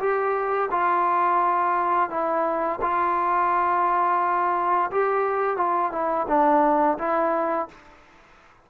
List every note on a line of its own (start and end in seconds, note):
0.00 0.70 G4
0.71 2.10 F4
2.10 2.80 E4
2.82 4.91 F4
4.92 5.58 G4
5.58 5.92 F4
5.92 6.27 E4
6.29 6.98 D4
6.99 7.68 E4